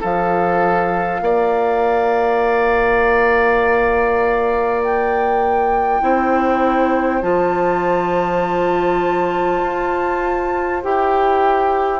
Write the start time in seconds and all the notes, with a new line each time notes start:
0.00 F3 F4 A4 F5
1.20 A#3 D5
4.82 G5
6.00 C4 E4 C5
7.21 F3 F4 A5
9.62 F4
10.83 E4 G4 G5